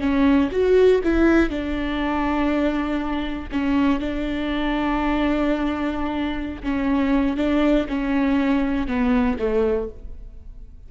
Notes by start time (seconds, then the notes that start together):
0.00 C#4
0.52 F#4
1.03 E4
1.50 D4
3.52 C#4
4.00 D4
6.63 C#4
7.37 D4
7.88 C#4
8.87 B3
9.39 A3